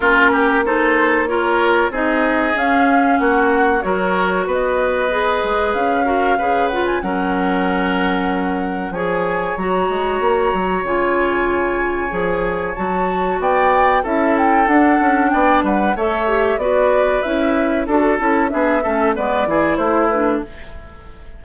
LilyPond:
<<
  \new Staff \with { instrumentName = "flute" } { \time 4/4 \tempo 4 = 94 ais'4 c''4 cis''4 dis''4 | f''4 fis''4 cis''4 dis''4~ | dis''4 f''4. fis''16 gis''16 fis''4~ | fis''2 gis''4 ais''4~ |
ais''4 gis''2. | a''4 g''4 e''8 g''8 fis''4 | g''8 fis''8 e''4 d''4 e''4 | a'4 e''4 d''4 c''8 b'8 | }
  \new Staff \with { instrumentName = "oboe" } { \time 4/4 f'8 g'8 a'4 ais'4 gis'4~ | gis'4 fis'4 ais'4 b'4~ | b'4. ais'8 b'4 ais'4~ | ais'2 cis''2~ |
cis''1~ | cis''4 d''4 a'2 | d''8 b'8 cis''4 b'2 | a'4 gis'8 a'8 b'8 gis'8 e'4 | }
  \new Staff \with { instrumentName = "clarinet" } { \time 4/4 cis'4 dis'4 f'4 dis'4 | cis'2 fis'2 | gis'4. fis'8 gis'8 f'8 cis'4~ | cis'2 gis'4 fis'4~ |
fis'4 f'2 gis'4 | fis'2 e'4 d'4~ | d'4 a'8 g'8 fis'4 e'4 | fis'8 e'8 d'8 cis'8 b8 e'4 d'8 | }
  \new Staff \with { instrumentName = "bassoon" } { \time 4/4 ais2. c'4 | cis'4 ais4 fis4 b4~ | b8 gis8 cis'4 cis4 fis4~ | fis2 f4 fis8 gis8 |
ais8 fis8 cis2 f4 | fis4 b4 cis'4 d'8 cis'8 | b8 g8 a4 b4 cis'4 | d'8 cis'8 b8 a8 gis8 e8 a4 | }
>>